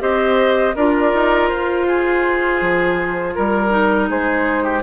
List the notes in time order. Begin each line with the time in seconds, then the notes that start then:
0.00 C4 G4 C5 D#5
0.75 D4 F4 A#4 D5
1.14 D#4
1.48 F4 C5
1.88 G#4
2.62 F3
3.35 G3 A#4
3.70 D#4
4.09 G#3 G#4 C5
4.63 G4